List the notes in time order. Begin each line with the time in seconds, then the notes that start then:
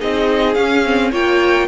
0.00 C4 D#4 G#4 D#5
0.55 C#4 F5
0.85 C4
1.12 A#3 F4 C#5 G5